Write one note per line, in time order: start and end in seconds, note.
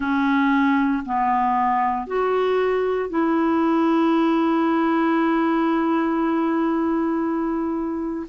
0.00 1.03 C#4
1.05 2.06 B3
2.06 3.09 F#4
3.09 8.26 E4